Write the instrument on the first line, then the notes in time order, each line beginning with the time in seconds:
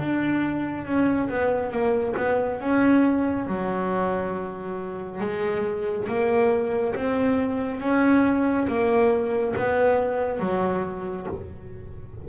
double bass
0.00 D4
0.86 C#4
1.29 B3
1.72 A#3
2.17 B3
2.60 C#4
3.47 F#3
5.21 G#3
6.08 A#3
6.95 C4
7.80 C#4
8.68 A#3
9.57 B3
10.40 F#3